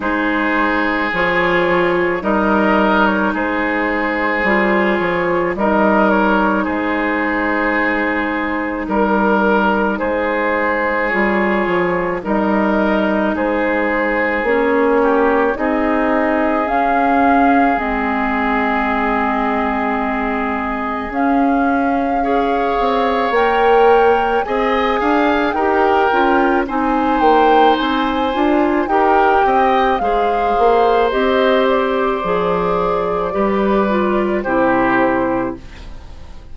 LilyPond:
<<
  \new Staff \with { instrumentName = "flute" } { \time 4/4 \tempo 4 = 54 c''4 cis''4 dis''8. cis''16 c''4~ | c''8 cis''8 dis''8 cis''8 c''2 | ais'4 c''4 cis''4 dis''4 | c''4 cis''4 dis''4 f''4 |
dis''2. f''4~ | f''4 g''4 gis''4 g''4 | gis''8 g''8 gis''4 g''4 f''4 | dis''8 d''2~ d''8 c''4 | }
  \new Staff \with { instrumentName = "oboe" } { \time 4/4 gis'2 ais'4 gis'4~ | gis'4 ais'4 gis'2 | ais'4 gis'2 ais'4 | gis'4. g'8 gis'2~ |
gis'1 | cis''2 dis''8 f''8 ais'4 | c''2 ais'8 dis''8 c''4~ | c''2 b'4 g'4 | }
  \new Staff \with { instrumentName = "clarinet" } { \time 4/4 dis'4 f'4 dis'2 | f'4 dis'2.~ | dis'2 f'4 dis'4~ | dis'4 cis'4 dis'4 cis'4 |
c'2. cis'4 | gis'4 ais'4 gis'4 g'8 f'8 | dis'4. f'8 g'4 gis'4 | g'4 gis'4 g'8 f'8 e'4 | }
  \new Staff \with { instrumentName = "bassoon" } { \time 4/4 gis4 f4 g4 gis4 | g8 f8 g4 gis2 | g4 gis4 g8 f8 g4 | gis4 ais4 c'4 cis'4 |
gis2. cis'4~ | cis'8 c'8 ais4 c'8 d'8 dis'8 cis'8 | c'8 ais8 c'8 d'8 dis'8 c'8 gis8 ais8 | c'4 f4 g4 c4 | }
>>